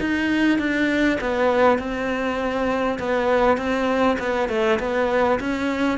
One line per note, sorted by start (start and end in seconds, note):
0.00 0.58 D#4
0.58 1.18 D4
1.21 1.79 B3
1.79 2.99 C4
2.99 3.57 B3
3.57 4.17 C4
4.19 4.49 B3
4.49 4.79 A3
4.79 5.39 B3
5.40 5.98 C#4